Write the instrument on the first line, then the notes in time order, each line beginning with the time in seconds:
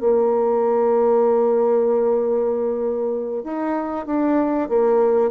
bassoon
0.00 A#3
3.44 D#4
4.06 D4
4.69 A#3